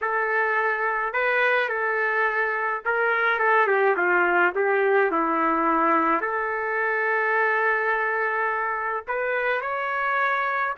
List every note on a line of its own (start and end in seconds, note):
0.01 1.13 A4
1.13 1.68 B4
1.68 2.81 A4
2.85 3.39 A#4
3.39 3.67 A4
3.67 3.95 G4
3.96 4.53 F4
4.55 5.11 G4
5.11 6.21 E4
6.21 9.04 A4
9.07 9.61 B4
9.61 10.74 C#5